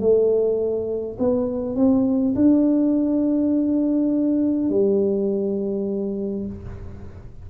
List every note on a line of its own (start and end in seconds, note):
0.00 1.18 A3
1.19 1.76 B3
1.76 2.35 C4
2.36 4.70 D4
4.70 6.47 G3